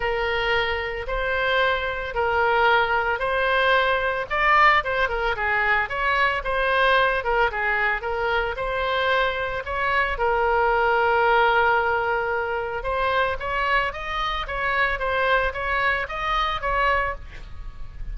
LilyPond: \new Staff \with { instrumentName = "oboe" } { \time 4/4 \tempo 4 = 112 ais'2 c''2 | ais'2 c''2 | d''4 c''8 ais'8 gis'4 cis''4 | c''4. ais'8 gis'4 ais'4 |
c''2 cis''4 ais'4~ | ais'1 | c''4 cis''4 dis''4 cis''4 | c''4 cis''4 dis''4 cis''4 | }